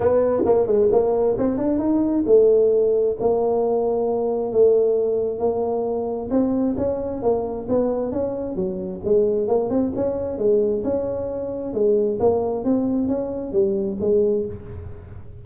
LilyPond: \new Staff \with { instrumentName = "tuba" } { \time 4/4 \tempo 4 = 133 b4 ais8 gis8 ais4 c'8 d'8 | dis'4 a2 ais4~ | ais2 a2 | ais2 c'4 cis'4 |
ais4 b4 cis'4 fis4 | gis4 ais8 c'8 cis'4 gis4 | cis'2 gis4 ais4 | c'4 cis'4 g4 gis4 | }